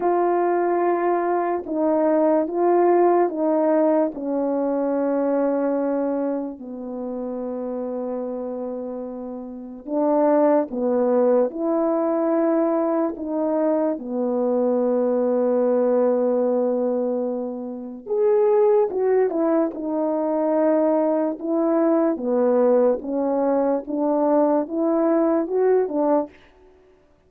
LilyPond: \new Staff \with { instrumentName = "horn" } { \time 4/4 \tempo 4 = 73 f'2 dis'4 f'4 | dis'4 cis'2. | b1 | d'4 b4 e'2 |
dis'4 b2.~ | b2 gis'4 fis'8 e'8 | dis'2 e'4 b4 | cis'4 d'4 e'4 fis'8 d'8 | }